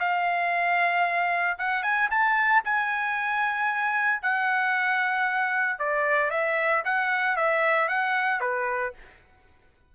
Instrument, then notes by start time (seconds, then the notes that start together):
trumpet
0.00 F5
1.59 F#5
1.83 G#5
2.11 A5
2.65 G#5
4.22 F#5
5.79 D5
6.31 E5
6.85 F#5
7.37 E5
7.89 F#5
8.41 B4